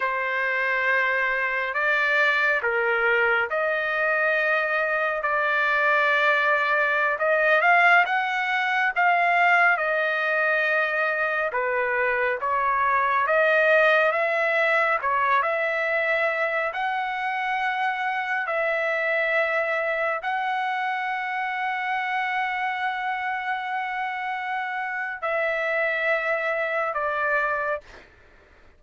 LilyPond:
\new Staff \with { instrumentName = "trumpet" } { \time 4/4 \tempo 4 = 69 c''2 d''4 ais'4 | dis''2 d''2~ | d''16 dis''8 f''8 fis''4 f''4 dis''8.~ | dis''4~ dis''16 b'4 cis''4 dis''8.~ |
dis''16 e''4 cis''8 e''4. fis''8.~ | fis''4~ fis''16 e''2 fis''8.~ | fis''1~ | fis''4 e''2 d''4 | }